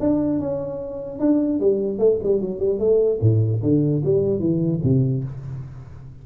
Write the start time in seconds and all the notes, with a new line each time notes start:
0.00 D4
0.40 C#4
1.20 D4
1.60 G3
1.99 A3
2.23 G3
2.41 F#3
2.59 G3
2.79 A3
3.21 A2
3.62 D3
4.05 G3
4.39 E3
4.84 C3